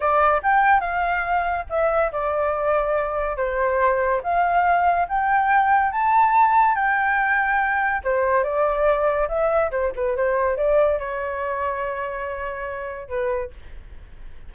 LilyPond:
\new Staff \with { instrumentName = "flute" } { \time 4/4 \tempo 4 = 142 d''4 g''4 f''2 | e''4 d''2. | c''2 f''2 | g''2 a''2 |
g''2. c''4 | d''2 e''4 c''8 b'8 | c''4 d''4 cis''2~ | cis''2. b'4 | }